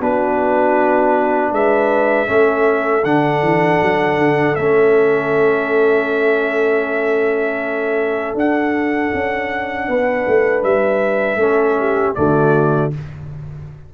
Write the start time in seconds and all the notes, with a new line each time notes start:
0.00 B3 D4 F#4 B4
1.52 G#3 B4 E5
2.27 A3 C#4 A4
3.04 D3 D4 F#5
3.42 E3
3.82 F#3
4.18 D3
4.55 A3 C#4 E5
8.34 D4 F#5
9.14 C#4
9.88 B3 B4
10.28 A3
10.63 G3 E5
11.36 A3 C#4 A4
11.79 G4
12.15 D3 A3 F#4 D5